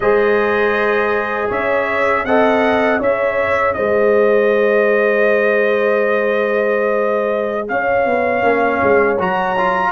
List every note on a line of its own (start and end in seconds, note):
0.00 1.49 G#3
0.00 2.26 G#4
0.00 1.49 C5
0.00 1.50 D#5
1.49 2.24 C#4
1.49 2.24 C#5
1.49 2.25 E5
2.24 2.99 C4
2.24 3.01 A4
2.24 2.99 D#5
2.24 3.00 F#5
2.99 3.75 C#4
2.99 8.42 G#4
2.99 3.74 C#5
2.99 3.73 E5
3.73 7.69 G#3
3.73 7.69 C5
3.73 7.67 D#5
7.68 8.05 C#4
7.68 9.91 C#5
7.68 9.18 F5
8.05 8.42 B3
8.42 8.80 A#3
8.42 9.17 C#4
8.82 9.19 G#3
9.19 9.91 F#3
9.19 9.56 F#4
9.19 9.91 A#5
9.57 9.91 F4